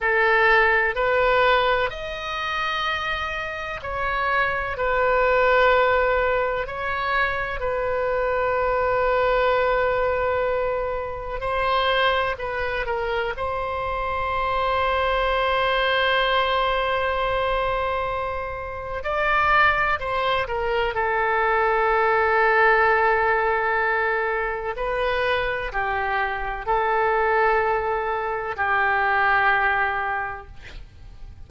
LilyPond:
\new Staff \with { instrumentName = "oboe" } { \time 4/4 \tempo 4 = 63 a'4 b'4 dis''2 | cis''4 b'2 cis''4 | b'1 | c''4 b'8 ais'8 c''2~ |
c''1 | d''4 c''8 ais'8 a'2~ | a'2 b'4 g'4 | a'2 g'2 | }